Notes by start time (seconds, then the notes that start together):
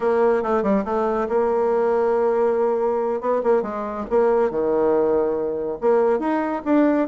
0.00 A#3
0.42 A3
0.63 G3
0.84 A3
1.29 A#3
3.20 B3
3.43 A#3
3.62 G#3
4.10 A#3
4.50 D#3
5.80 A#3
6.19 D#4
6.64 D4